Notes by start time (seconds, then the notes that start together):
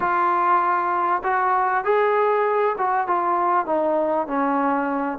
0.00 F4
1.23 F#4
1.84 G#4
2.77 F#4
3.07 F4
3.66 D#4
4.27 C#4